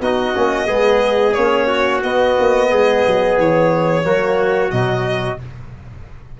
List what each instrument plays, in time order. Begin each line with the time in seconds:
0.00 tuba B3, trombone D#4, trumpet F#4, violin D#5
0.34 tuba A#3, trombone C#4
0.66 tuba G#3, trombone B3, trumpet G#4
1.33 tuba A#3, trombone C#4, violin C#5
1.67 trumpet F#4
2.02 trombone B3, tuba B3, violin D#5
2.39 tuba A#3
2.70 tuba G#3, trumpet G#4
3.07 tuba F#3
3.38 tuba E3, violin C#5
4.03 tuba F#3, trombone A#3, trumpet F#4
4.71 tuba B2, trombone F#3, violin D#5